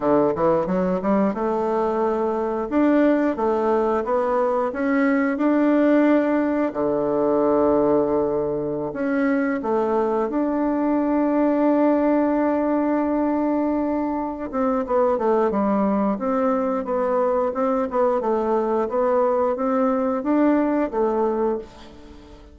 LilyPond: \new Staff \with { instrumentName = "bassoon" } { \time 4/4 \tempo 4 = 89 d8 e8 fis8 g8 a2 | d'4 a4 b4 cis'4 | d'2 d2~ | d4~ d16 cis'4 a4 d'8.~ |
d'1~ | d'4. c'8 b8 a8 g4 | c'4 b4 c'8 b8 a4 | b4 c'4 d'4 a4 | }